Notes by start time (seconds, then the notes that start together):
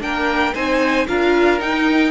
0.00 A#3 D4 A#4 G5
0.54 C4 D#4 C5 G#5
1.07 D4 F4 A#4 F5
1.59 D#4 G5